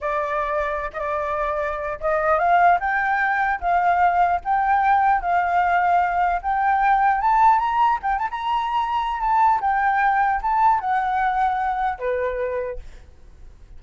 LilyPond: \new Staff \with { instrumentName = "flute" } { \time 4/4 \tempo 4 = 150 d''2~ d''16 dis''16 d''4.~ | d''4 dis''4 f''4 g''4~ | g''4 f''2 g''4~ | g''4 f''2. |
g''2 a''4 ais''4 | g''8 a''16 ais''2~ ais''16 a''4 | g''2 a''4 fis''4~ | fis''2 b'2 | }